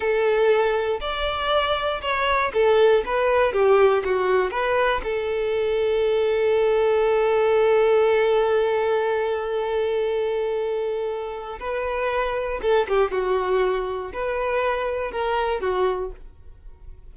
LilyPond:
\new Staff \with { instrumentName = "violin" } { \time 4/4 \tempo 4 = 119 a'2 d''2 | cis''4 a'4 b'4 g'4 | fis'4 b'4 a'2~ | a'1~ |
a'1~ | a'2. b'4~ | b'4 a'8 g'8 fis'2 | b'2 ais'4 fis'4 | }